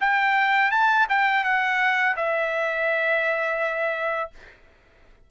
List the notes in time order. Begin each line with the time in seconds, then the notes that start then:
0.00 G5
0.71 A5
1.09 G5
1.44 F#5
2.16 E5